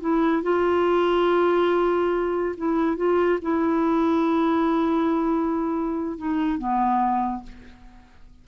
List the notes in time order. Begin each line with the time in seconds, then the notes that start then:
0.00 E4
0.42 F4
2.57 E4
2.96 F4
3.41 E4
6.17 D#4
6.58 B3